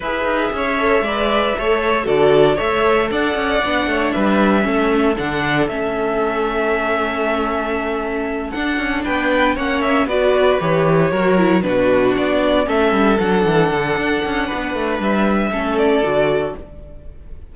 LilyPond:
<<
  \new Staff \with { instrumentName = "violin" } { \time 4/4 \tempo 4 = 116 e''1 | d''4 e''4 fis''2 | e''2 fis''4 e''4~ | e''1~ |
e''8 fis''4 g''4 fis''8 e''8 d''8~ | d''8 cis''2 b'4 d''8~ | d''8 e''4 fis''2~ fis''8~ | fis''4 e''4. d''4. | }
  \new Staff \with { instrumentName = "violin" } { \time 4/4 b'4 cis''4 d''4 cis''4 | a'4 cis''4 d''4. cis''8 | b'4 a'2.~ | a'1~ |
a'4. b'4 cis''4 b'8~ | b'4. ais'4 fis'4.~ | fis'8 a'2.~ a'8 | b'2 a'2 | }
  \new Staff \with { instrumentName = "viola" } { \time 4/4 gis'4. a'8 b'4 a'4 | fis'4 a'2 d'4~ | d'4 cis'4 d'4 cis'4~ | cis'1~ |
cis'8 d'2 cis'4 fis'8~ | fis'8 g'4 fis'8 e'8 d'4.~ | d'8 cis'4 d'2~ d'8~ | d'2 cis'4 fis'4 | }
  \new Staff \with { instrumentName = "cello" } { \time 4/4 e'8 dis'8 cis'4 gis4 a4 | d4 a4 d'8 cis'8 b8 a8 | g4 a4 d4 a4~ | a1~ |
a8 d'8 cis'8 b4 ais4 b8~ | b8 e4 fis4 b,4 b8~ | b8 a8 g8 fis8 e8 d8 d'8 cis'8 | b8 a8 g4 a4 d4 | }
>>